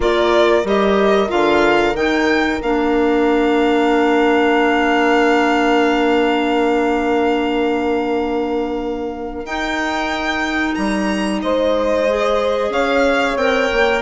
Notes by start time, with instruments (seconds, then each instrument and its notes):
0.00 bassoon A#3, clarinet F4, horn A#4, violin D5
0.63 bassoon G3, clarinet G4, violin D#5
1.28 bassoon D3, clarinet F4, violin F5
1.94 bassoon D#3, clarinet D#4, violin G5
2.62 bassoon A#3, clarinet D4, violin F5
9.44 bassoon D#4, clarinet D#4, violin G5
10.74 bassoon G3, violin A#5
11.42 bassoon G#3, horn C5, violin D#5
12.08 clarinet G#4
12.69 bassoon C#4, horn C#5, violin F5
13.36 bassoon C4, clarinet A#4, violin G5
13.71 bassoon A#3